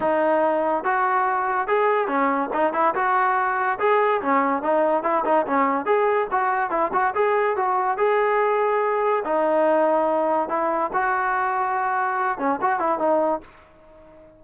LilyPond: \new Staff \with { instrumentName = "trombone" } { \time 4/4 \tempo 4 = 143 dis'2 fis'2 | gis'4 cis'4 dis'8 e'8 fis'4~ | fis'4 gis'4 cis'4 dis'4 | e'8 dis'8 cis'4 gis'4 fis'4 |
e'8 fis'8 gis'4 fis'4 gis'4~ | gis'2 dis'2~ | dis'4 e'4 fis'2~ | fis'4. cis'8 fis'8 e'8 dis'4 | }